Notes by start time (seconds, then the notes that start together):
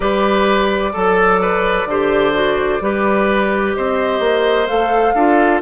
0.00 G3 G4 B4 D5
0.93 F#3 A4
1.41 B4
1.85 D3 G4 C5
2.32 F#4
2.80 G3 G4 B4
3.74 C4 C5 D#5
4.19 A#3
4.66 A3 A4 F5
5.14 D4 F4 A4